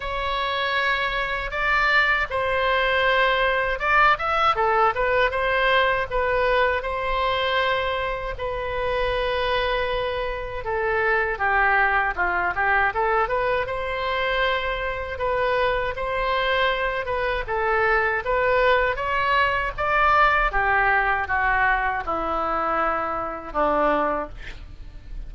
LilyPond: \new Staff \with { instrumentName = "oboe" } { \time 4/4 \tempo 4 = 79 cis''2 d''4 c''4~ | c''4 d''8 e''8 a'8 b'8 c''4 | b'4 c''2 b'4~ | b'2 a'4 g'4 |
f'8 g'8 a'8 b'8 c''2 | b'4 c''4. b'8 a'4 | b'4 cis''4 d''4 g'4 | fis'4 e'2 d'4 | }